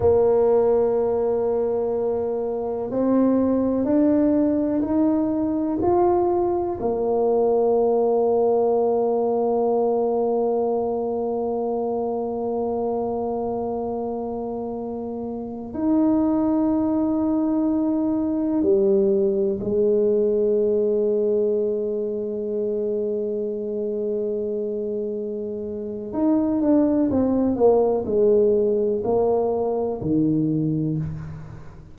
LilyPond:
\new Staff \with { instrumentName = "tuba" } { \time 4/4 \tempo 4 = 62 ais2. c'4 | d'4 dis'4 f'4 ais4~ | ais1~ | ais1~ |
ais16 dis'2. g8.~ | g16 gis2.~ gis8.~ | gis2. dis'8 d'8 | c'8 ais8 gis4 ais4 dis4 | }